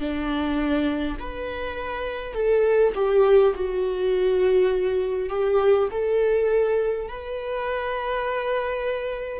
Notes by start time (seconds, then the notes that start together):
0.00 D4
1.19 B4
2.34 A4
2.95 G4
3.55 F#4
5.29 G4
5.91 A4
7.08 B4